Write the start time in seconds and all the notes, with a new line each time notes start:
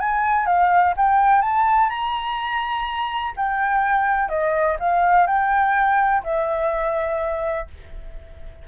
0.00 G#5
0.46 F5
0.97 G5
1.42 A5
1.89 A#5
3.36 G5
4.29 D#5
4.80 F5
5.27 G5
6.24 E5